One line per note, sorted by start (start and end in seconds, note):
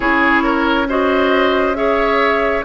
0.00 2.64 C#4
0.00 0.87 E4
0.00 0.43 G#4
0.00 0.87 C#5
0.43 0.87 A#4
0.88 1.74 F#4
0.88 1.77 C5
0.88 1.74 D#5
1.74 2.62 G#4
1.74 2.65 C#5
1.74 2.63 E5